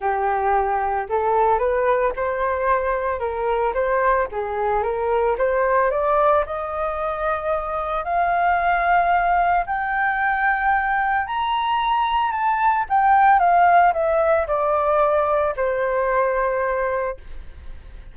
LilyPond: \new Staff \with { instrumentName = "flute" } { \time 4/4 \tempo 4 = 112 g'2 a'4 b'4 | c''2 ais'4 c''4 | gis'4 ais'4 c''4 d''4 | dis''2. f''4~ |
f''2 g''2~ | g''4 ais''2 a''4 | g''4 f''4 e''4 d''4~ | d''4 c''2. | }